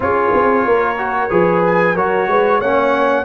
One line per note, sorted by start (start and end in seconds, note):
0.00 0.32 C#4
0.00 0.96 F4
0.00 0.67 G#4
0.00 1.64 C#5
0.33 0.65 C4
0.65 1.30 A#3
0.65 1.29 A#4
0.97 1.30 F#4
1.29 1.95 F3
1.29 1.95 G#4
1.29 1.94 B4
1.65 1.96 G#5
1.94 2.27 F#3
1.94 2.62 F#4
1.94 2.26 A#4
1.94 2.61 C#5
2.27 2.60 G#3
2.27 2.59 B4
2.59 3.24 A#3
2.59 3.24 C#4
2.59 3.24 C#5
2.59 3.24 F#5